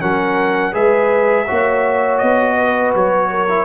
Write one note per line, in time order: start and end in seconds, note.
0.00 0.75 F#3
0.00 0.73 C#4
0.00 0.73 A#4
0.00 0.74 F#5
0.73 1.48 G#3
0.73 1.46 G#4
0.73 1.46 B4
0.73 2.18 E5
1.46 2.22 A#3
1.46 3.48 F#4
1.46 2.56 C#5
2.18 2.95 B3
2.18 2.91 D#5
2.56 3.29 B4
2.95 3.65 F#3
2.95 3.65 C#5
3.30 3.65 A#4
3.48 3.65 E4